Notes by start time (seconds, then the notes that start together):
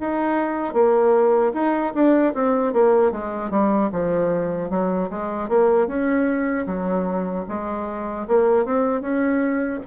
0.00 D#4
0.73 A#3
1.54 D#4
1.94 D4
2.34 C4
2.73 A#3
3.11 G#3
3.50 G3
3.92 F3
4.70 F#3
5.10 G#3
5.49 A#3
5.87 C#4
6.66 F#3
7.48 G#3
8.28 A#3
8.65 C4
9.01 C#4